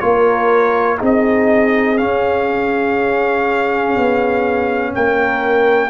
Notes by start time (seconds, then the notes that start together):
0.00 A#3 F4 A#4 C#5
0.98 C4 D#4 G#4
1.05 D#5
1.97 C#4 F5
3.97 B3
4.95 A#3 A#4 G5